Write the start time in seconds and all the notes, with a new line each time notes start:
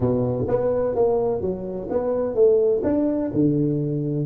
0.00 B2
0.47 B3
0.95 A#3
1.41 F#3
1.89 B3
2.35 A3
2.83 D4
3.33 D3